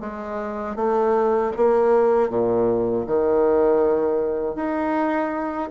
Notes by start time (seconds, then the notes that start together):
0.00 G#3
0.76 A3
1.57 A#3
2.29 A#2
3.07 D#3
4.55 D#4